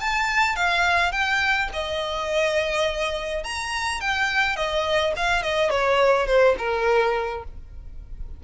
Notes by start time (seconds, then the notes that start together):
0.00 A5
0.56 F5
1.12 G5
1.73 D#5
3.44 A#5
4.00 G5
4.56 D#5
5.16 F5
5.42 D#5
5.70 C#5
6.26 C5
6.58 A#4